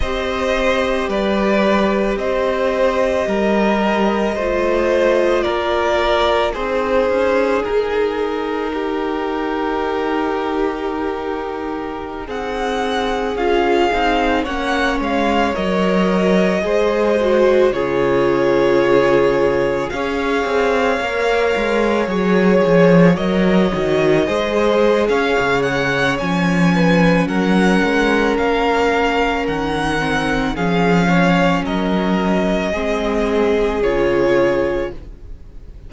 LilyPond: <<
  \new Staff \with { instrumentName = "violin" } { \time 4/4 \tempo 4 = 55 dis''4 d''4 dis''2~ | dis''4 d''4 c''4 ais'4~ | ais'2.~ ais'16 fis''8.~ | fis''16 f''4 fis''8 f''8 dis''4.~ dis''16~ |
dis''16 cis''2 f''4.~ f''16~ | f''16 cis''4 dis''4.~ dis''16 f''8 fis''8 | gis''4 fis''4 f''4 fis''4 | f''4 dis''2 cis''4 | }
  \new Staff \with { instrumentName = "violin" } { \time 4/4 c''4 b'4 c''4 ais'4 | c''4 ais'4 gis'2 | g'2.~ g'16 gis'8.~ | gis'4~ gis'16 cis''2 c''8.~ |
c''16 gis'2 cis''4.~ cis''16~ | cis''2~ cis''16 c''8. cis''4~ | cis''8 b'8 ais'2. | gis'8 cis''8 ais'4 gis'2 | }
  \new Staff \with { instrumentName = "viola" } { \time 4/4 g'1 | f'2 dis'2~ | dis'1~ | dis'16 f'8 dis'8 cis'4 ais'4 gis'8 fis'16~ |
fis'16 f'2 gis'4 ais'8.~ | ais'16 gis'4 ais'8 fis'8 gis'4.~ gis'16 | cis'2.~ cis'8 c'8 | cis'2 c'4 f'4 | }
  \new Staff \with { instrumentName = "cello" } { \time 4/4 c'4 g4 c'4 g4 | a4 ais4 c'8 cis'8 dis'4~ | dis'2.~ dis'16 c'8.~ | c'16 cis'8 c'8 ais8 gis8 fis4 gis8.~ |
gis16 cis2 cis'8 c'8 ais8 gis16~ | gis16 fis8 f8 fis8 dis8 gis8. cis'16 cis8. | f4 fis8 gis8 ais4 dis4 | f4 fis4 gis4 cis4 | }
>>